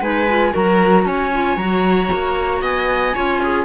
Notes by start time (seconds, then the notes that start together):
0.00 G#3 D#4 B4 G#5
0.28 F4
0.52 F#3 F#4 A#4 A#5
1.05 C#4 C#5 G#5
1.32 F4
1.57 F#3 F#4 A#5
2.12 A#3
2.61 B3 D#5 G#5
3.14 C#4 F4 C#5
3.43 G#4